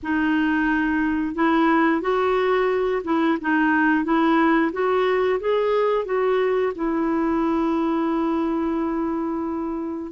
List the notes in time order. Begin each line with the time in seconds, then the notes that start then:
0.02 D#4
1.35 E4
2.01 F#4
3.04 E4
3.41 D#4
4.04 E4
4.72 F#4
5.40 G#4
6.05 F#4
6.75 E4